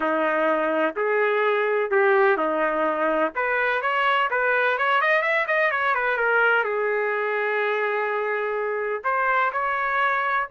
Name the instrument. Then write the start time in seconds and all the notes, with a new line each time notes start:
trumpet
0.00 D#4
0.96 G#4
1.90 G4
2.37 D#4
3.35 B4
3.81 C#5
4.30 B4
4.77 C#5
5.01 D#5
5.22 E5
5.47 D#5
5.71 C#5
5.94 B4
6.17 A#4
6.64 G#4
9.03 C5
9.52 C#5